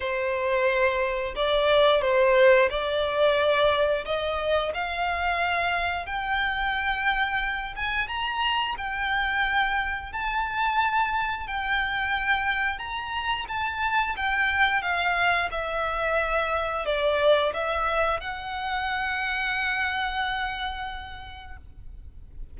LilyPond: \new Staff \with { instrumentName = "violin" } { \time 4/4 \tempo 4 = 89 c''2 d''4 c''4 | d''2 dis''4 f''4~ | f''4 g''2~ g''8 gis''8 | ais''4 g''2 a''4~ |
a''4 g''2 ais''4 | a''4 g''4 f''4 e''4~ | e''4 d''4 e''4 fis''4~ | fis''1 | }